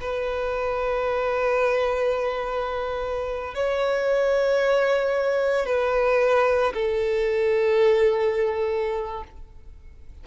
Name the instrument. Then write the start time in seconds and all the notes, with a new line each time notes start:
violin
0.00 B4
3.54 C#5
5.66 B4
6.73 A4